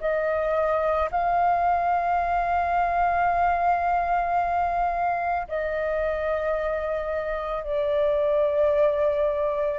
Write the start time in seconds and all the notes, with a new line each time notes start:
0.00 D#5
1.11 F5
5.48 D#5
7.63 D5